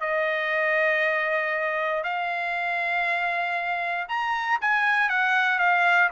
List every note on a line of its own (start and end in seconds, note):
0.00 2.03 D#5
2.03 4.07 F5
4.08 4.59 A#5
4.61 5.09 G#5
5.09 5.59 F#5
5.59 6.09 F5